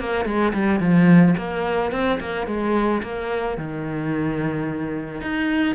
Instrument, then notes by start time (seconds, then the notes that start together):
cello
0.00 A#3
0.25 G#3
0.54 G3
0.80 F3
1.38 A#3
1.92 C4
2.20 A#3
2.47 G#3
3.03 A#3
3.58 D#3
5.21 D#4